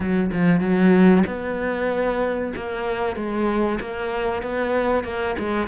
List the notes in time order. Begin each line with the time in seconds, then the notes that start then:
0.00 F#3
0.32 F3
0.60 F#3
1.26 B3
2.56 A#3
3.16 G#3
3.80 A#3
4.42 B3
5.04 A#3
5.38 G#3